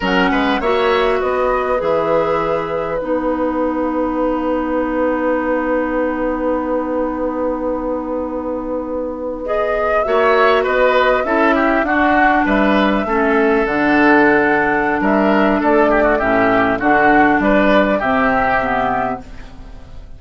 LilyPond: <<
  \new Staff \with { instrumentName = "flute" } { \time 4/4 \tempo 4 = 100 fis''4 e''4 dis''4 e''4~ | e''4 fis''2.~ | fis''1~ | fis''2.~ fis''8. dis''16~ |
dis''8. e''4 dis''4 e''4 fis''16~ | fis''8. e''2 fis''4~ fis''16~ | fis''4 e''4 d''4 e''4 | fis''4 d''4 e''2 | }
  \new Staff \with { instrumentName = "oboe" } { \time 4/4 ais'8 b'8 cis''4 b'2~ | b'1~ | b'1~ | b'1~ |
b'8. cis''4 b'4 a'8 g'8 fis'16~ | fis'8. b'4 a'2~ a'16~ | a'4 ais'4 a'8 g'16 fis'16 g'4 | fis'4 b'4 g'2 | }
  \new Staff \with { instrumentName = "clarinet" } { \time 4/4 cis'4 fis'2 gis'4~ | gis'4 dis'2.~ | dis'1~ | dis'2.~ dis'8. gis'16~ |
gis'8. fis'2 e'4 d'16~ | d'4.~ d'16 cis'4 d'4~ d'16~ | d'2. cis'4 | d'2 c'4 b4 | }
  \new Staff \with { instrumentName = "bassoon" } { \time 4/4 fis8 gis8 ais4 b4 e4~ | e4 b2.~ | b1~ | b1~ |
b8. ais4 b4 cis'4 d'16~ | d'8. g4 a4 d4~ d16~ | d4 g4 a4 a,4 | d4 g4 c2 | }
>>